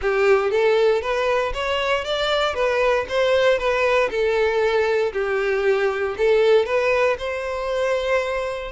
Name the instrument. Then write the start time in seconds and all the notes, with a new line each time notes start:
violin
0.01 G4
0.50 A4
1.01 B4
1.53 C#5
2.04 D5
2.54 B4
3.09 C5
3.58 B4
4.10 A4
5.13 G4
6.17 A4
6.65 B4
7.18 C5